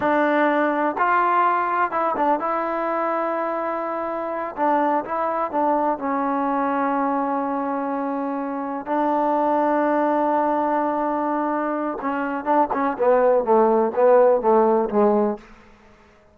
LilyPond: \new Staff \with { instrumentName = "trombone" } { \time 4/4 \tempo 4 = 125 d'2 f'2 | e'8 d'8 e'2.~ | e'4. d'4 e'4 d'8~ | d'8 cis'2.~ cis'8~ |
cis'2~ cis'8 d'4.~ | d'1~ | d'4 cis'4 d'8 cis'8 b4 | a4 b4 a4 gis4 | }